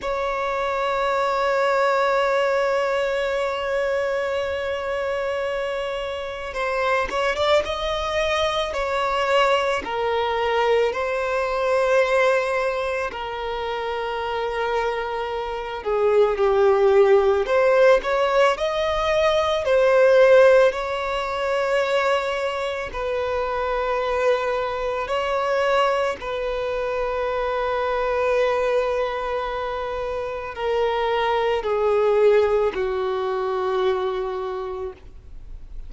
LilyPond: \new Staff \with { instrumentName = "violin" } { \time 4/4 \tempo 4 = 55 cis''1~ | cis''2 c''8 cis''16 d''16 dis''4 | cis''4 ais'4 c''2 | ais'2~ ais'8 gis'8 g'4 |
c''8 cis''8 dis''4 c''4 cis''4~ | cis''4 b'2 cis''4 | b'1 | ais'4 gis'4 fis'2 | }